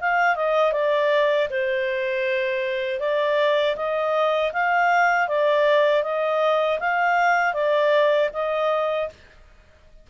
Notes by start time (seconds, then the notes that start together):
0.00 F5
0.35 D#5
0.72 D5
1.50 C5
3.00 D5
3.76 D#5
4.53 F5
5.28 D5
6.03 D#5
6.79 F5
7.53 D5
8.33 D#5